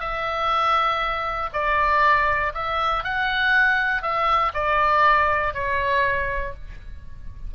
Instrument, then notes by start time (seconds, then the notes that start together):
oboe
0.00 E5
1.53 D5
2.55 E5
3.04 F#5
4.02 E5
4.54 D5
5.54 C#5